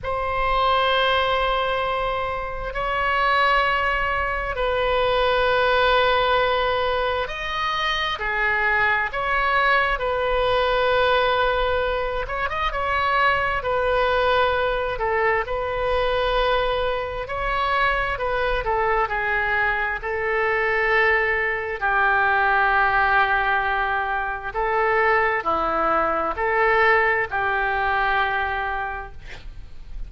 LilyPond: \new Staff \with { instrumentName = "oboe" } { \time 4/4 \tempo 4 = 66 c''2. cis''4~ | cis''4 b'2. | dis''4 gis'4 cis''4 b'4~ | b'4. cis''16 dis''16 cis''4 b'4~ |
b'8 a'8 b'2 cis''4 | b'8 a'8 gis'4 a'2 | g'2. a'4 | e'4 a'4 g'2 | }